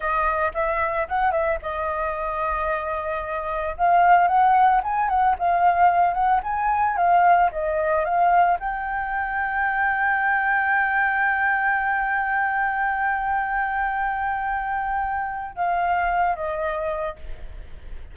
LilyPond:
\new Staff \with { instrumentName = "flute" } { \time 4/4 \tempo 4 = 112 dis''4 e''4 fis''8 e''8 dis''4~ | dis''2. f''4 | fis''4 gis''8 fis''8 f''4. fis''8 | gis''4 f''4 dis''4 f''4 |
g''1~ | g''1~ | g''1~ | g''4 f''4. dis''4. | }